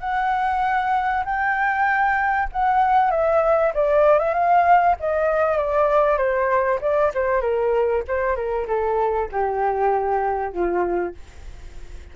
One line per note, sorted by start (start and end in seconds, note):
0.00 1.24 F#5
1.25 2.49 G5
2.52 3.11 F#5
3.11 3.73 E5
3.74 4.19 D5
4.19 4.34 E5
4.34 4.96 F5
5.00 5.57 D#5
5.57 6.17 D5
6.17 6.79 C5
6.81 7.12 D5
7.14 7.41 C5
7.41 8.03 A#4
8.08 8.36 C5
8.36 8.67 A#4
8.67 9.29 A4
9.32 10.53 G4
10.53 11.15 F4